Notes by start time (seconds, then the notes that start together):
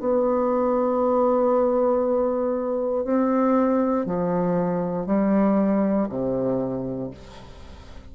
0.00 B3
3.04 C4
4.06 F3
5.06 G3
6.09 C3